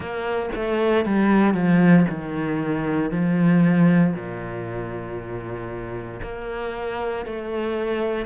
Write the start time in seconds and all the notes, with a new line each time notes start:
0.00 A#3
0.55 A3
1.05 G3
1.54 F3
2.09 D#3
3.10 F3
4.14 A#2
6.22 A#3
7.25 A3